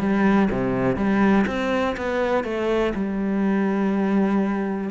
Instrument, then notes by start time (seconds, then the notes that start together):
cello
0.00 G3
0.51 C3
0.96 G3
1.47 C4
1.97 B3
2.44 A3
2.95 G3